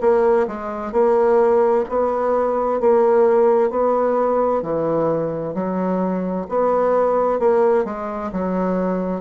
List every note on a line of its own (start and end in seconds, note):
0.00 0.46 A#3
0.47 0.92 G#3
0.92 1.84 A#3
1.88 2.80 B3
2.80 3.70 A#3
3.70 4.62 B3
4.62 5.54 E3
5.54 6.46 F#3
6.49 7.39 B3
7.39 7.84 A#3
7.84 8.30 G#3
8.32 9.21 F#3